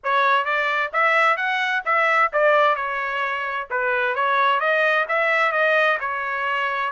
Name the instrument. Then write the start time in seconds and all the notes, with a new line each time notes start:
trumpet
0.03 C#5
0.44 D5
0.93 E5
1.36 F#5
1.85 E5
2.32 D5
2.75 C#5
3.70 B4
4.15 C#5
4.59 D#5
5.08 E5
5.52 D#5
5.99 C#5